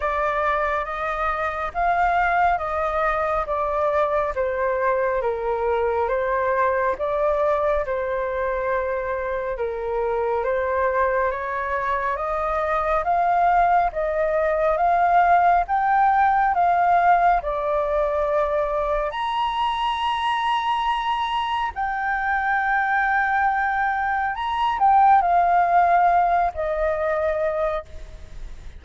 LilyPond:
\new Staff \with { instrumentName = "flute" } { \time 4/4 \tempo 4 = 69 d''4 dis''4 f''4 dis''4 | d''4 c''4 ais'4 c''4 | d''4 c''2 ais'4 | c''4 cis''4 dis''4 f''4 |
dis''4 f''4 g''4 f''4 | d''2 ais''2~ | ais''4 g''2. | ais''8 g''8 f''4. dis''4. | }